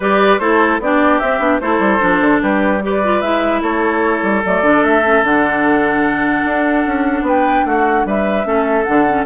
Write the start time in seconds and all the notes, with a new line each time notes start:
0.00 G3 G4 B4 D5
0.38 A3 E4 A4 C5
0.79 B3 D4 G4 D5
1.19 C4 E5
1.38 B3 D4
1.59 A3 E4 A4 C5
1.79 G3
1.99 F3 D4
2.21 D3
2.41 G3 G4 B4
2.82 G4 B4 D5
3.03 F4
3.21 G#3 E4 E5
3.61 A3 A4 C#5
4.22 G3
4.44 F#3 A3 D5
4.62 D3 D4
4.83 A3 E5
5.03 C#4
5.23 D3 D4 F#5
6.44 D4
6.86 C#4
7.21 B3 B4 G5
7.65 A3 F#4 F#5
8.05 G3 B4 E5
8.44 A3 C#4 A4
8.84 D3 D4 F#5
9.08 C#4